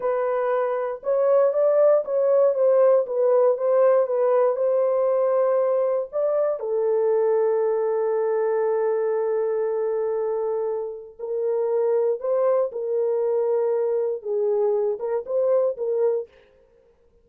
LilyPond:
\new Staff \with { instrumentName = "horn" } { \time 4/4 \tempo 4 = 118 b'2 cis''4 d''4 | cis''4 c''4 b'4 c''4 | b'4 c''2. | d''4 a'2.~ |
a'1~ | a'2 ais'2 | c''4 ais'2. | gis'4. ais'8 c''4 ais'4 | }